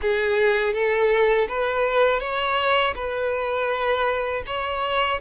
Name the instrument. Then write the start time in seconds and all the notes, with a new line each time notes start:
violin
0.01 G#4
0.73 A4
1.48 B4
2.20 C#5
2.95 B4
4.46 C#5